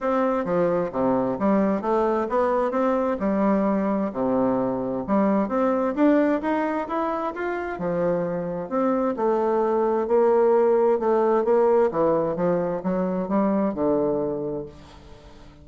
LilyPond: \new Staff \with { instrumentName = "bassoon" } { \time 4/4 \tempo 4 = 131 c'4 f4 c4 g4 | a4 b4 c'4 g4~ | g4 c2 g4 | c'4 d'4 dis'4 e'4 |
f'4 f2 c'4 | a2 ais2 | a4 ais4 e4 f4 | fis4 g4 d2 | }